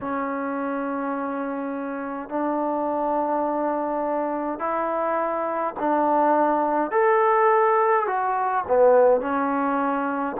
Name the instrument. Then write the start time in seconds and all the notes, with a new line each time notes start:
trombone
0.01 C#4
2.29 D4
4.58 E4
5.80 D4
6.91 A4
8.07 F#4
8.67 B3
9.20 C#4